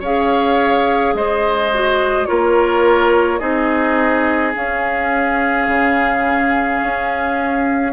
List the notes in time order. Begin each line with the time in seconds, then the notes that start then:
0.00 C#4 G#4 C#5 F5
1.14 G#3 C5 D#5
1.74 F#4
2.26 A#3 F4 A#4 C#5
3.39 C4 D#4 G#4 D#5
4.55 C#4 F5
5.67 C#3
6.82 C#4